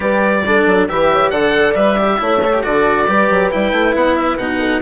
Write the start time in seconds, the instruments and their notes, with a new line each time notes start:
0.00 bassoon G3, cello G4, horn B4, oboe D5
0.46 cello D4, horn A4
0.66 bassoon F#3
0.88 bassoon E3, cello G4, horn B4, oboe E5
1.12 horn C#5
1.30 bassoon D3, cello A4, horn D5, oboe F#5
1.74 bassoon G3, cello B4, oboe E5
1.97 cello G4
2.18 bassoon A3, cello E4, horn C#5
2.45 cello A4
2.53 cello G4
2.63 bassoon D3, cello F#4, horn A4, oboe D5
3.06 bassoon G3, cello G4, horn B4
3.30 bassoon F#3
3.51 bassoon G3, cello E4, oboe G5
3.72 bassoon A3
3.94 bassoon B3, oboe F#5
4.15 oboe E5
4.37 bassoon B2, cello D#4, oboe F#5
4.59 horn A4